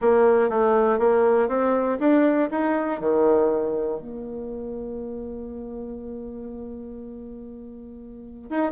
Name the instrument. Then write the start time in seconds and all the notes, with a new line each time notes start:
bassoon
0.01 A#3
0.49 A3
0.98 A#3
1.48 C4
1.99 D4
2.50 D#4
3.00 D#3
4.00 A#3
8.50 D#4